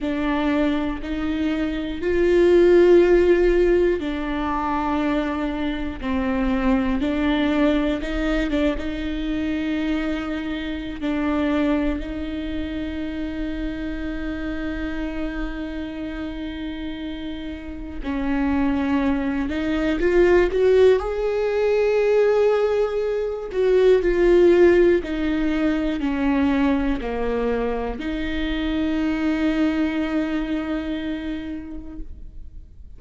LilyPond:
\new Staff \with { instrumentName = "viola" } { \time 4/4 \tempo 4 = 60 d'4 dis'4 f'2 | d'2 c'4 d'4 | dis'8 d'16 dis'2~ dis'16 d'4 | dis'1~ |
dis'2 cis'4. dis'8 | f'8 fis'8 gis'2~ gis'8 fis'8 | f'4 dis'4 cis'4 ais4 | dis'1 | }